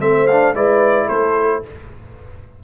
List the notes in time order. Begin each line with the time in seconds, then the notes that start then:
0.00 A3 C4 C5 E5
0.27 D4 F5
0.55 G#3 E4 B4 D5
1.07 A3 A4 C5